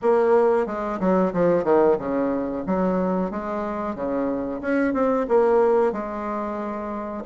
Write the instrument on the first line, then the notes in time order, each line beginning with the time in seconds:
bassoon
0.01 A#3
0.66 G#3
1.00 F#3
1.33 F3
1.64 D#3
1.98 C#3
2.66 F#3
3.30 G#3
3.95 C#3
4.61 C#4
4.93 C4
5.28 A#3
5.92 G#3